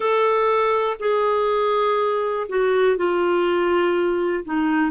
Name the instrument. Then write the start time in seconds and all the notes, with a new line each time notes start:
clarinet
0.00 A4
0.99 G#4
2.49 F#4
2.96 F4
4.44 D#4